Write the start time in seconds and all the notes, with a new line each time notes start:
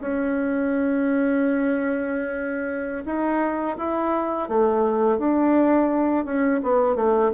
0.00 C#4
3.05 D#4
3.77 E4
4.48 A3
5.18 D4
6.25 C#4
6.63 B3
6.95 A3